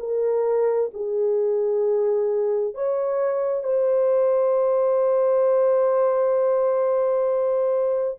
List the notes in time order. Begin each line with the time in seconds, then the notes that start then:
0.00 A#4
0.94 G#4
2.75 C#5
3.64 C5